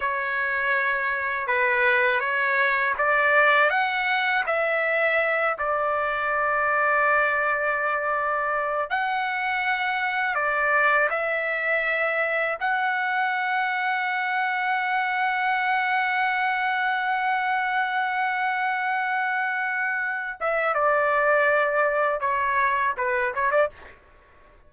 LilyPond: \new Staff \with { instrumentName = "trumpet" } { \time 4/4 \tempo 4 = 81 cis''2 b'4 cis''4 | d''4 fis''4 e''4. d''8~ | d''1 | fis''2 d''4 e''4~ |
e''4 fis''2.~ | fis''1~ | fis''2.~ fis''8 e''8 | d''2 cis''4 b'8 cis''16 d''16 | }